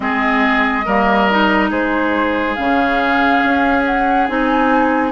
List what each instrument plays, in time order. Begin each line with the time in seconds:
0.00 bassoon G#3, clarinet C4, oboe G#4, flute D#5
0.85 bassoon G3, clarinet A#3, oboe A#4
1.30 clarinet D#4
1.69 bassoon G#3, oboe G#4, flute C5
2.54 bassoon C#3, clarinet C#4, flute F5
3.43 bassoon C#4
3.85 flute F#5
4.28 bassoon C4, clarinet D#4, flute G#5